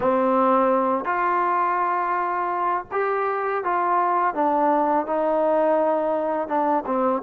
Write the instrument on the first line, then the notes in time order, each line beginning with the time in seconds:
trombone
0.00 C4
1.04 F4
2.91 G4
3.63 F4
4.34 D4
5.06 D#4
6.48 D4
6.85 C4